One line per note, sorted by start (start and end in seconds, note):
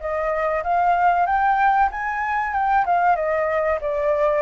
0.00 0.63 D#5
0.63 1.26 F5
1.26 1.89 G5
1.91 2.53 G#5
2.53 2.85 G5
2.86 3.16 F5
3.16 3.79 D#5
3.81 4.42 D5